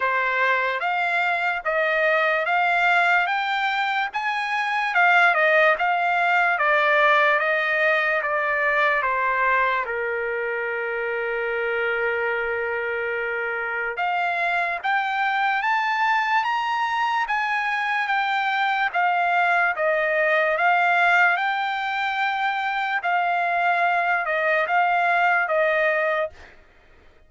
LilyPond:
\new Staff \with { instrumentName = "trumpet" } { \time 4/4 \tempo 4 = 73 c''4 f''4 dis''4 f''4 | g''4 gis''4 f''8 dis''8 f''4 | d''4 dis''4 d''4 c''4 | ais'1~ |
ais'4 f''4 g''4 a''4 | ais''4 gis''4 g''4 f''4 | dis''4 f''4 g''2 | f''4. dis''8 f''4 dis''4 | }